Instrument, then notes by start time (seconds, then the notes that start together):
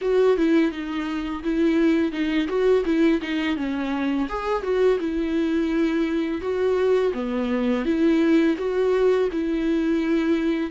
viola
0.01 F#4
0.37 E4
0.71 D#4
1.43 E4
2.11 D#4
2.48 F#4
2.85 E4
3.21 D#4
3.56 C#4
4.29 G#4
4.62 F#4
4.99 E4
6.41 F#4
7.13 B3
7.85 E4
8.57 F#4
9.32 E4